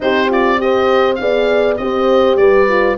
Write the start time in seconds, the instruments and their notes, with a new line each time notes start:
0.00 tuba C4, horn D#4 G4, oboe C5
0.29 horn F4, oboe D5
0.57 horn G4 C5, oboe D#5
1.15 tuba B3, horn G#4, oboe F5
1.21 horn D5
1.77 tuba C4, horn G4 C5, oboe D#5
2.36 tuba G3, horn B4, oboe D5
2.68 horn F4